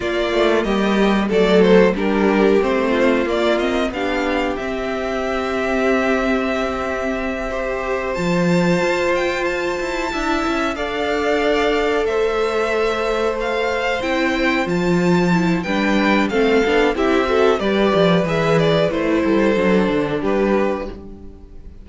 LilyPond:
<<
  \new Staff \with { instrumentName = "violin" } { \time 4/4 \tempo 4 = 92 d''4 dis''4 d''8 c''8 ais'4 | c''4 d''8 dis''8 f''4 e''4~ | e''1~ | e''8 a''4. g''8 a''4.~ |
a''8 f''2 e''4.~ | e''8 f''4 g''4 a''4. | g''4 f''4 e''4 d''4 | e''8 d''8 c''2 b'4 | }
  \new Staff \with { instrumentName = "violin" } { \time 4/4 f'4 g'4 a'4 g'4~ | g'8 f'4. g'2~ | g'2.~ g'8 c''8~ | c''2.~ c''8 e''8~ |
e''8 d''2 c''4.~ | c''1 | b'4 a'4 g'8 a'8 b'4~ | b'4. a'4. g'4 | }
  \new Staff \with { instrumentName = "viola" } { \time 4/4 ais2 a4 d'4 | c'4 ais8 c'8 d'4 c'4~ | c'2.~ c'8 g'8~ | g'8 f'2. e'8~ |
e'8 a'2.~ a'8~ | a'4. e'4 f'4 e'8 | d'4 c'8 d'8 e'8 fis'8 g'4 | gis'4 e'4 d'2 | }
  \new Staff \with { instrumentName = "cello" } { \time 4/4 ais8 a8 g4 fis4 g4 | a4 ais4 b4 c'4~ | c'1~ | c'8 f4 f'4. e'8 d'8 |
cis'8 d'2 a4.~ | a4. c'4 f4. | g4 a8 b8 c'4 g8 f8 | e4 a8 g8 fis8 d8 g4 | }
>>